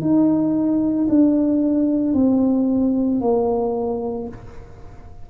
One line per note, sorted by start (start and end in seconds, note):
0.00 1.07 D#4
1.08 2.13 D4
2.13 3.20 C4
3.20 4.28 A#3